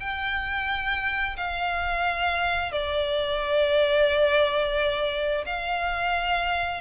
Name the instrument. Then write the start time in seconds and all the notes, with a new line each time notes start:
violin
0.00 G5
1.37 F5
2.72 D5
5.46 F5